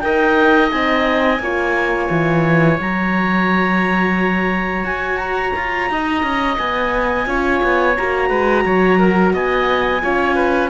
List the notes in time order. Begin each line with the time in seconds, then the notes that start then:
0.00 D#4 A#4 D#5 G5
0.71 C4 D#4 G#5
1.39 A#3 F4 C#5
2.10 E3
2.79 F#3 F#4 A#5
4.83 F#4 G#5
5.18 A#5
5.55 F4
5.89 D#4 D#5
6.23 C#4
6.57 B3 G#5
7.26 C#4 F4 C#5
7.63 B3
7.96 A#3 F#4 A#5
8.29 G#3 B4
8.65 F#3 C#5
8.99 A#4
9.33 B3 D#5 G#5
10.02 C#4 F4 C#5
10.35 B4